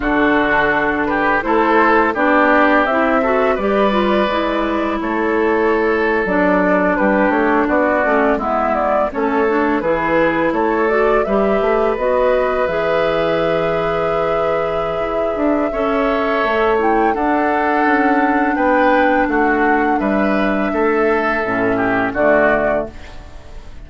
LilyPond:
<<
  \new Staff \with { instrumentName = "flute" } { \time 4/4 \tempo 4 = 84 a'4. b'8 c''4 d''4 | e''4 d''2 cis''4~ | cis''8. d''4 b'8 cis''8 d''4 e''16~ | e''16 d''8 cis''4 b'4 cis''8 d''8 e''16~ |
e''8. dis''4 e''2~ e''16~ | e''2.~ e''8 g''8 | fis''2 g''4 fis''4 | e''2. d''4 | }
  \new Staff \with { instrumentName = "oboe" } { \time 4/4 fis'4. g'8 a'4 g'4~ | g'8 a'8 b'2 a'4~ | a'4.~ a'16 g'4 fis'4 e'16~ | e'8. a'4 gis'4 a'4 b'16~ |
b'1~ | b'2 cis''2 | a'2 b'4 fis'4 | b'4 a'4. g'8 fis'4 | }
  \new Staff \with { instrumentName = "clarinet" } { \time 4/4 d'2 e'4 d'4 | e'8 fis'8 g'8 f'8 e'2~ | e'8. d'2~ d'8 cis'8 b16~ | b8. cis'8 d'8 e'4. fis'8 g'16~ |
g'8. fis'4 gis'2~ gis'16~ | gis'2 a'4. e'8 | d'1~ | d'2 cis'4 a4 | }
  \new Staff \with { instrumentName = "bassoon" } { \time 4/4 d2 a4 b4 | c'4 g4 gis4 a4~ | a8. fis4 g8 a8 b8 a8 gis16~ | gis8. a4 e4 a4 g16~ |
g16 a8 b4 e2~ e16~ | e4 e'8 d'8 cis'4 a4 | d'4 cis'4 b4 a4 | g4 a4 a,4 d4 | }
>>